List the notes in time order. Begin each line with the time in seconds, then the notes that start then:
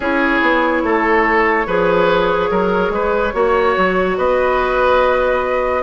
0.00 C#4 E4 G#4 C#5
0.41 B3
0.83 A3 A4
1.66 F3 G#4 B4
2.50 F#3 A#4
2.90 G#3 B4
3.33 A#3 F#4 C#5
3.77 F#3
4.17 B3 B4 D#5